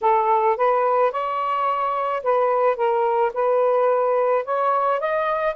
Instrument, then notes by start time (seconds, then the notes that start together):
saxophone
0.01 A4
0.56 B4
1.11 C#5
2.23 B4
2.76 A#4
3.33 B4
4.44 C#5
5.00 D#5